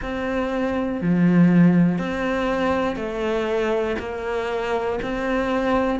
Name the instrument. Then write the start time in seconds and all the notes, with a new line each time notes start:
cello
0.01 C4
1.01 F3
1.98 C4
2.95 A3
3.99 A#3
5.02 C4